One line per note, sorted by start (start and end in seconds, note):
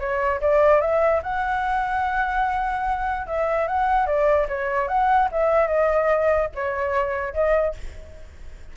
0.00 0.41 C#5
0.41 0.81 D5
0.81 1.22 E5
1.23 3.27 F#5
3.27 3.68 E5
3.68 4.07 F#5
4.07 4.47 D5
4.49 4.88 C#5
4.88 5.29 F#5
5.32 5.68 E5
5.68 6.49 D#5
6.55 7.34 C#5
7.34 7.75 D#5